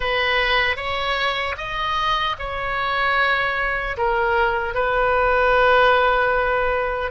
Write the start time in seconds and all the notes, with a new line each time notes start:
0.00 B4
0.76 C#5
1.57 D#5
2.38 C#5
3.97 A#4
4.74 B4